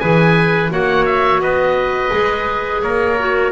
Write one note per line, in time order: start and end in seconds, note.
0.00 0.71 E3
0.00 0.71 G#4
0.00 0.72 B4
0.00 0.71 G#5
0.71 1.40 A#3
0.71 2.11 F#4
0.71 1.43 C#5
0.71 1.06 F#5
1.06 1.41 E5
1.40 2.11 B3
1.40 2.84 B4
1.40 2.82 D#5
2.11 2.84 G#3
2.11 3.17 G#4
2.82 3.52 A#3
2.82 3.52 A#4
2.82 3.52 C#5
3.20 3.52 F#4